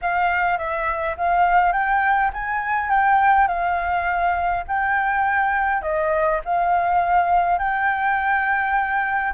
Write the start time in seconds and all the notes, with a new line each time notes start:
0.01 F5
0.57 E5
1.17 F5
1.72 G5
2.33 G#5
2.90 G5
3.47 F5
4.67 G5
5.82 D#5
6.44 F5
7.58 G5